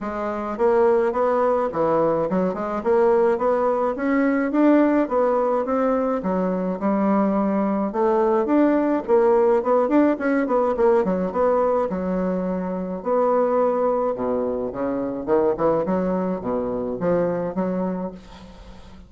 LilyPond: \new Staff \with { instrumentName = "bassoon" } { \time 4/4 \tempo 4 = 106 gis4 ais4 b4 e4 | fis8 gis8 ais4 b4 cis'4 | d'4 b4 c'4 fis4 | g2 a4 d'4 |
ais4 b8 d'8 cis'8 b8 ais8 fis8 | b4 fis2 b4~ | b4 b,4 cis4 dis8 e8 | fis4 b,4 f4 fis4 | }